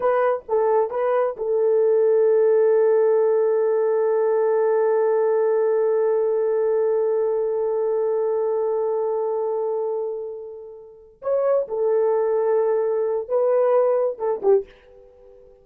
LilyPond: \new Staff \with { instrumentName = "horn" } { \time 4/4 \tempo 4 = 131 b'4 a'4 b'4 a'4~ | a'1~ | a'1~ | a'1~ |
a'1~ | a'1~ | a'8 cis''4 a'2~ a'8~ | a'4 b'2 a'8 g'8 | }